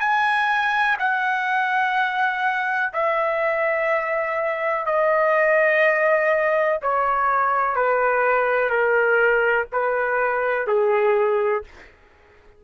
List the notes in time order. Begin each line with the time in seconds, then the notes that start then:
0.00 G#5
0.99 F#5
2.93 E5
4.86 D#5
6.82 C#5
7.76 B4
8.70 A#4
9.72 B4
10.67 G#4